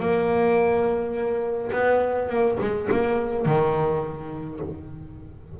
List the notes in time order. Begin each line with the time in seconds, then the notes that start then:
0.00 A#3
1.72 B3
2.29 A#3
2.60 G#3
2.91 A#3
3.46 D#3